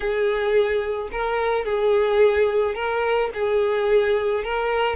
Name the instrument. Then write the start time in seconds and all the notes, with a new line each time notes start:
violin
0.00 G#4
1.11 A#4
1.64 G#4
2.74 A#4
3.34 G#4
4.44 A#4